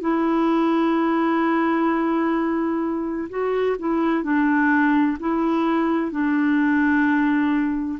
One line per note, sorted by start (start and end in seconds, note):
0.00 3.28 E4
3.29 3.76 F#4
3.78 4.23 E4
4.23 5.17 D4
5.19 6.11 E4
6.11 7.99 D4